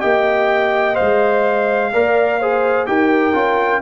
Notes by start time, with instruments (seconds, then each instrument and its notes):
0.00 tuba A#3, trombone G4, horn D#5, trumpet G5
0.94 trombone C5, trumpet F5
1.00 tuba G#3
1.93 tuba A#3, trombone A#4, horn D5
2.39 trombone G#4, horn C5
2.86 tuba D#4, trombone G4, horn A#4, trumpet G5
3.33 tuba C#4, trombone F4